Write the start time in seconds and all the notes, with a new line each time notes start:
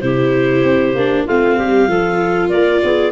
0.00 C3 E4 G4 C5
0.63 C4
0.95 A#3 D4
1.25 A3 C4 F4 F5
1.57 G3 G4
1.87 F3 F4 A4
2.49 A#3 A#4 D5
2.84 B3 G#4